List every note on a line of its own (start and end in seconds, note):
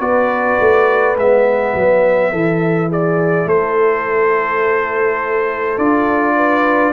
0.00 0.58 B3
0.00 1.16 F#4
0.00 2.31 B4
0.00 1.16 D5
0.60 1.16 A3
1.16 1.74 G#3
1.16 2.35 B3
1.16 2.92 E5
1.75 2.32 F#3
2.31 3.46 E3
2.31 5.78 E4
2.31 2.89 A4
2.89 3.46 G#4
2.89 3.48 D5
3.46 5.76 A3
3.46 6.35 A4
3.46 5.78 C5
5.78 6.93 D4
5.78 6.93 F4
5.78 6.93 D5
6.35 6.93 B4